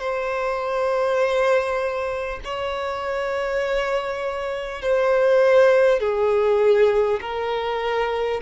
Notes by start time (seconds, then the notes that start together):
0.00 C5
2.44 C#5
4.82 C5
6.00 G#4
7.22 A#4